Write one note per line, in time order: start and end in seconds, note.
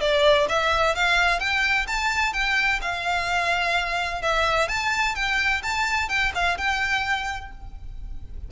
0.00 0.47 D5
0.48 0.95 E5
0.95 1.39 F5
1.39 1.86 G5
1.87 2.33 A5
2.33 2.80 G5
2.81 4.22 F5
4.22 4.68 E5
4.68 5.15 A5
5.15 5.62 G5
5.62 6.08 A5
6.08 6.32 G5
6.35 6.57 F5
6.57 7.51 G5